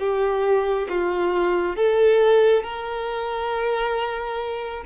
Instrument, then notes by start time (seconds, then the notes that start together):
violin
0.00 G4
0.89 F4
1.77 A4
2.64 A#4